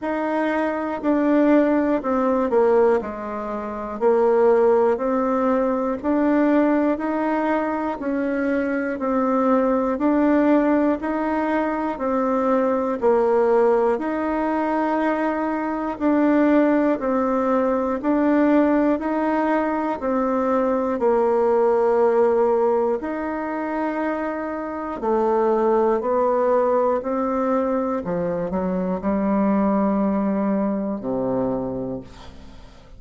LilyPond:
\new Staff \with { instrumentName = "bassoon" } { \time 4/4 \tempo 4 = 60 dis'4 d'4 c'8 ais8 gis4 | ais4 c'4 d'4 dis'4 | cis'4 c'4 d'4 dis'4 | c'4 ais4 dis'2 |
d'4 c'4 d'4 dis'4 | c'4 ais2 dis'4~ | dis'4 a4 b4 c'4 | f8 fis8 g2 c4 | }